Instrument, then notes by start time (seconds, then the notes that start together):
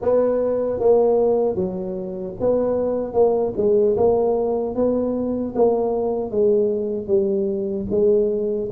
tuba
0.01 B3
0.79 A#3
1.55 F#3
2.39 B3
3.13 A#3
3.57 G#3
3.97 A#3
4.75 B3
5.55 A#3
6.31 G#3
7.07 G3
7.90 G#3